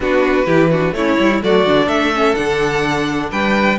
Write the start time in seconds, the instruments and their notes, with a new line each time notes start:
0.00 cello B3, viola D4, violin F#4 B4
0.46 cello E3, viola E4, violin G4
0.70 viola D4, violin F#4
0.91 cello A3, viola C#4, violin E4 C#5
1.19 cello G3, viola E4
1.42 cello F#3, viola A3, violin F#4 D5
1.65 cello D3, viola D4
1.86 cello A3, violin A4 E5
2.14 viola C#4
2.34 cello D3, viola D4, violin F#5
3.31 cello G3, violin B4 G5